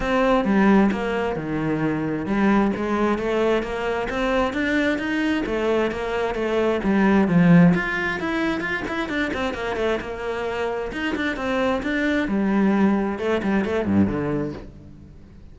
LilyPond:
\new Staff \with { instrumentName = "cello" } { \time 4/4 \tempo 4 = 132 c'4 g4 ais4 dis4~ | dis4 g4 gis4 a4 | ais4 c'4 d'4 dis'4 | a4 ais4 a4 g4 |
f4 f'4 e'4 f'8 e'8 | d'8 c'8 ais8 a8 ais2 | dis'8 d'8 c'4 d'4 g4~ | g4 a8 g8 a8 g,8 d4 | }